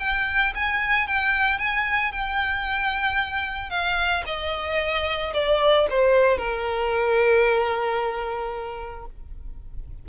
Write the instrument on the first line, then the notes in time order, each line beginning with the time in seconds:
violin
0.00 G5
0.55 G#5
1.07 G5
1.59 G#5
2.12 G5
3.71 F5
4.26 D#5
5.34 D5
5.90 C5
6.38 A#4